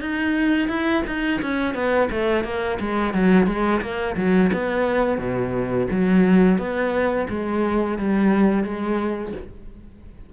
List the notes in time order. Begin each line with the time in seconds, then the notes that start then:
0.00 D#4
0.68 E4
1.06 D#4
1.41 C#4
1.74 B3
2.10 A3
2.44 A#3
2.79 G#3
3.13 F#3
3.46 G#3
3.81 A#3
4.16 F#3
4.53 B3
5.18 B2
5.90 F#3
6.58 B3
7.29 G#3
7.98 G3
8.63 G#3